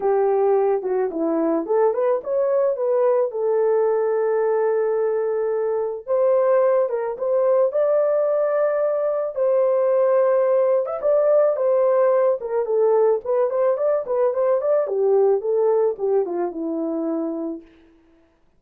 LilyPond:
\new Staff \with { instrumentName = "horn" } { \time 4/4 \tempo 4 = 109 g'4. fis'8 e'4 a'8 b'8 | cis''4 b'4 a'2~ | a'2. c''4~ | c''8 ais'8 c''4 d''2~ |
d''4 c''2~ c''8. e''16 | d''4 c''4. ais'8 a'4 | b'8 c''8 d''8 b'8 c''8 d''8 g'4 | a'4 g'8 f'8 e'2 | }